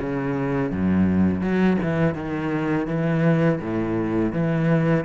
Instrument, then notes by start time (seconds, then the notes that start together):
cello
0.00 C#3
0.72 F#2
1.41 F#3
1.83 E3
2.15 D#3
2.87 E3
3.61 A2
4.33 E3